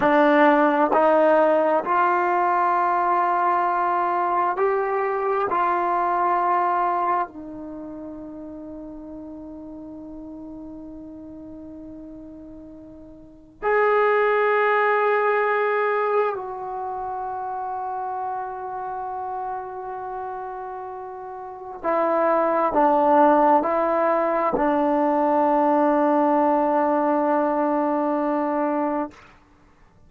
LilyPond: \new Staff \with { instrumentName = "trombone" } { \time 4/4 \tempo 4 = 66 d'4 dis'4 f'2~ | f'4 g'4 f'2 | dis'1~ | dis'2. gis'4~ |
gis'2 fis'2~ | fis'1 | e'4 d'4 e'4 d'4~ | d'1 | }